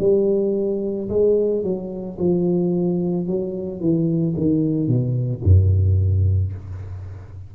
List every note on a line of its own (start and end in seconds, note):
0.00 1.09 G3
1.10 1.63 G#3
1.63 2.18 F#3
2.19 3.27 F3
3.27 3.81 F#3
3.81 4.35 E3
4.36 4.88 D#3
4.88 5.42 B2
5.44 6.53 F#2